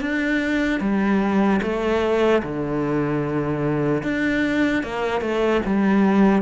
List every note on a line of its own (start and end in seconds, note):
0.00 0.80 D4
0.80 1.60 G3
1.62 2.42 A3
2.43 4.03 D3
4.03 4.83 D4
4.83 5.21 A#3
5.21 5.61 A3
5.65 6.42 G3